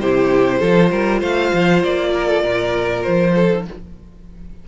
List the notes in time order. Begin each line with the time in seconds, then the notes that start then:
0.00 C3 E4 G4 C5
0.59 F3 F4 A4
0.91 G3 A#4
1.19 A3 C5 F5
1.53 F3
1.83 A#3 D5
2.13 A#4
2.28 A4
2.42 A#2 A#4
3.02 F3 C5
3.35 A4
3.48 D#4